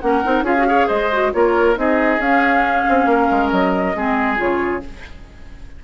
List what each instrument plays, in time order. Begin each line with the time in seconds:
0.00 bassoon A#3, clarinet C#4, flute F#5
0.06 oboe A#4
0.24 bassoon C4, clarinet D#4
0.42 bassoon C#4, clarinet F4, oboe G#4, flute F5
0.58 clarinet F#4
0.67 clarinet G#4, oboe C#5
0.87 bassoon G#3, oboe C5, flute D#5
1.13 clarinet F#4
1.33 bassoon A#3, clarinet F4, oboe A#4, flute C#5
1.75 bassoon C4, clarinet D#4, oboe G#4, flute D#5
2.19 bassoon C#4, clarinet C#4, flute F5
2.89 bassoon C4
3.06 bassoon A#3, oboe A#4
3.31 bassoon G#3
3.50 bassoon F#3, flute D#5
3.95 bassoon G#3, clarinet C4, oboe G#4
4.36 bassoon C#3, clarinet F4, flute C#5